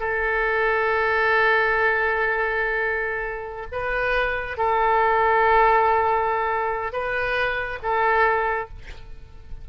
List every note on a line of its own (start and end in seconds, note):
0.00 3.67 A4
3.72 4.57 B4
4.57 6.93 A4
6.93 7.79 B4
7.83 8.69 A4